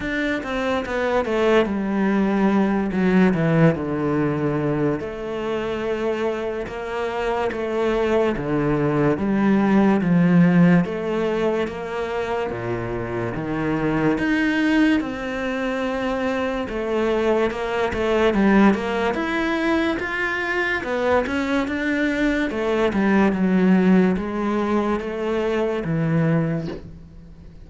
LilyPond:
\new Staff \with { instrumentName = "cello" } { \time 4/4 \tempo 4 = 72 d'8 c'8 b8 a8 g4. fis8 | e8 d4. a2 | ais4 a4 d4 g4 | f4 a4 ais4 ais,4 |
dis4 dis'4 c'2 | a4 ais8 a8 g8 ais8 e'4 | f'4 b8 cis'8 d'4 a8 g8 | fis4 gis4 a4 e4 | }